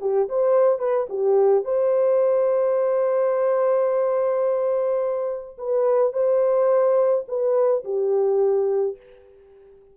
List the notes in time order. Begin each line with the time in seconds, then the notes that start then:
0.00 G4
0.28 C5
0.79 B4
1.09 G4
1.64 C5
5.57 B4
6.12 C5
7.27 B4
7.84 G4